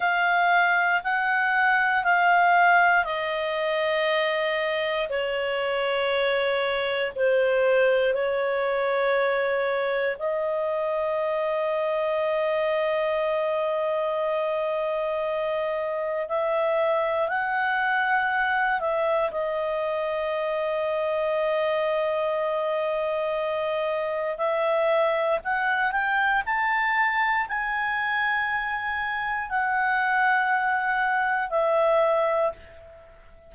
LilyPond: \new Staff \with { instrumentName = "clarinet" } { \time 4/4 \tempo 4 = 59 f''4 fis''4 f''4 dis''4~ | dis''4 cis''2 c''4 | cis''2 dis''2~ | dis''1 |
e''4 fis''4. e''8 dis''4~ | dis''1 | e''4 fis''8 g''8 a''4 gis''4~ | gis''4 fis''2 e''4 | }